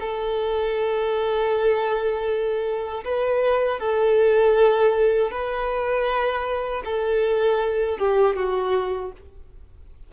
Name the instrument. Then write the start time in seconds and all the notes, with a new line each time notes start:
violin
0.00 A4
3.04 B4
3.79 A4
5.31 B4
6.85 A4
7.98 G4
8.36 F#4